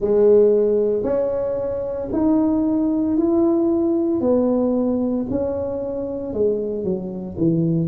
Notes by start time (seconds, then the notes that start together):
0.00 G#3
1.03 C#4
2.12 D#4
3.17 E4
4.20 B3
5.30 C#4
6.33 G#3
6.84 F#3
7.37 E3